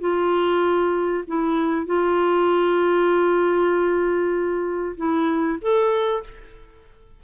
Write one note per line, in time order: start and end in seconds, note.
0.00 1.24 F4
1.27 1.86 E4
1.86 4.95 F4
4.97 5.59 E4
5.61 6.23 A4